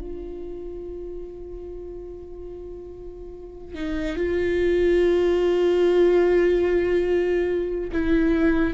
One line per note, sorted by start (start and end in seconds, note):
0.00 3.74 F4
3.74 4.16 D#4
4.16 7.91 F4
7.92 8.73 E4